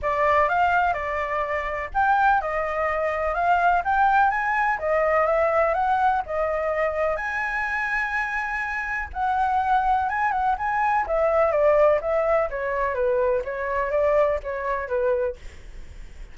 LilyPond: \new Staff \with { instrumentName = "flute" } { \time 4/4 \tempo 4 = 125 d''4 f''4 d''2 | g''4 dis''2 f''4 | g''4 gis''4 dis''4 e''4 | fis''4 dis''2 gis''4~ |
gis''2. fis''4~ | fis''4 gis''8 fis''8 gis''4 e''4 | d''4 e''4 cis''4 b'4 | cis''4 d''4 cis''4 b'4 | }